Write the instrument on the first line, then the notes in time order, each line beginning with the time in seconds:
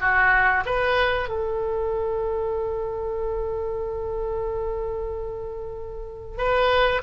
oboe
0.00 F#4
0.65 B4
1.29 A4
6.37 B4